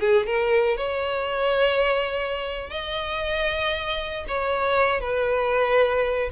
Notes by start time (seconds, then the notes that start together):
0.00 G#4
0.26 A#4
0.77 C#5
2.70 D#5
4.28 C#5
5.01 B4